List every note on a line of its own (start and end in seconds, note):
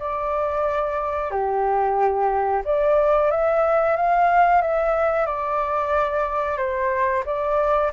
0.00 1.31 D5
1.31 2.63 G4
2.65 3.31 D5
3.31 3.97 E5
3.97 4.62 F5
4.62 5.27 E5
5.27 6.58 D5
6.58 7.24 C5
7.26 7.92 D5